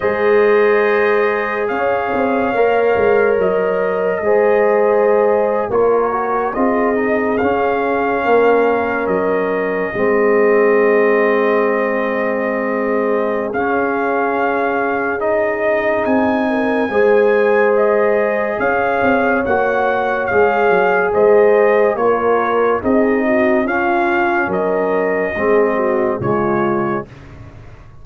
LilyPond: <<
  \new Staff \with { instrumentName = "trumpet" } { \time 4/4 \tempo 4 = 71 dis''2 f''2 | dis''2~ dis''8. cis''4 dis''16~ | dis''8. f''2 dis''4~ dis''16~ | dis''1 |
f''2 dis''4 gis''4~ | gis''4 dis''4 f''4 fis''4 | f''4 dis''4 cis''4 dis''4 | f''4 dis''2 cis''4 | }
  \new Staff \with { instrumentName = "horn" } { \time 4/4 c''2 cis''2~ | cis''4 c''4.~ c''16 ais'4 gis'16~ | gis'4.~ gis'16 ais'2 gis'16~ | gis'1~ |
gis'2.~ gis'8 ais'8 | c''2 cis''2~ | cis''4 c''4 ais'4 gis'8 fis'8 | f'4 ais'4 gis'8 fis'8 f'4 | }
  \new Staff \with { instrumentName = "trombone" } { \time 4/4 gis'2. ais'4~ | ais'4 gis'4.~ gis'16 f'8 fis'8 f'16~ | f'16 dis'8 cis'2. c'16~ | c'1 |
cis'2 dis'2 | gis'2. fis'4 | gis'2 f'4 dis'4 | cis'2 c'4 gis4 | }
  \new Staff \with { instrumentName = "tuba" } { \time 4/4 gis2 cis'8 c'8 ais8 gis8 | fis4 gis4.~ gis16 ais4 c'16~ | c'8. cis'4 ais4 fis4 gis16~ | gis1 |
cis'2. c'4 | gis2 cis'8 c'8 ais4 | gis8 fis8 gis4 ais4 c'4 | cis'4 fis4 gis4 cis4 | }
>>